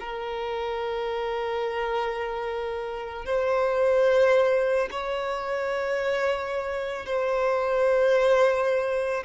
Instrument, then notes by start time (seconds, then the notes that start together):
violin
0.00 A#4
3.25 C5
4.91 C#5
7.06 C5